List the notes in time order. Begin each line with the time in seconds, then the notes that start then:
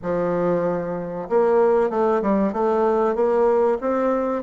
0.02 F3
1.29 A#3
1.90 A3
2.22 G3
2.52 A3
3.15 A#3
3.80 C4